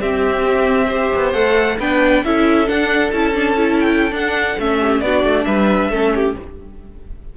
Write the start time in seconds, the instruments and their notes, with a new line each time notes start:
0.00 cello C4, viola C4, violin G4 E5
0.88 viola G4, violin C5
1.16 cello B3
1.33 cello A3, viola A4, violin F#5
1.79 cello B3, viola D4, violin B4 G5
2.25 cello C#4, viola E4, violin A4 E5
2.66 viola D4, cello D4, violin F#5
3.11 cello C#4, viola E4, violin A5
3.34 viola D4
3.57 viola E4
3.80 violin G5
4.11 viola D4, cello D4, violin F#5
4.59 cello A3, viola C#4, violin E5
4.79 violin G4
5.01 cello B3, viola D4, violin F#4 D5
5.24 cello A3
5.45 cello G3, violin B4 E5
5.90 cello A3, viola C#4, violin A4
6.15 violin G4